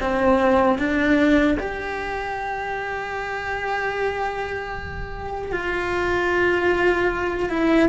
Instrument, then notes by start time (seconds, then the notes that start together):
cello
0.00 C4
0.78 D4
1.60 G4
5.52 F4
7.49 E4